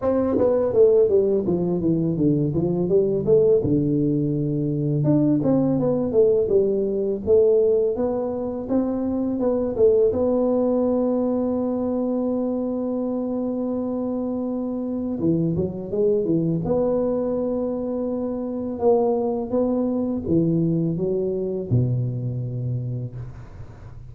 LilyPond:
\new Staff \with { instrumentName = "tuba" } { \time 4/4 \tempo 4 = 83 c'8 b8 a8 g8 f8 e8 d8 f8 | g8 a8 d2 d'8 c'8 | b8 a8 g4 a4 b4 | c'4 b8 a8 b2~ |
b1~ | b4 e8 fis8 gis8 e8 b4~ | b2 ais4 b4 | e4 fis4 b,2 | }